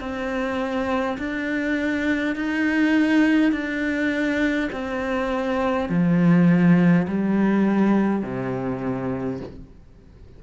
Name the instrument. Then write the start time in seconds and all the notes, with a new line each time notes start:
cello
0.00 C4
1.18 D4
2.36 D#4
3.52 D4
4.72 C4
5.89 F3
7.07 G3
8.23 C3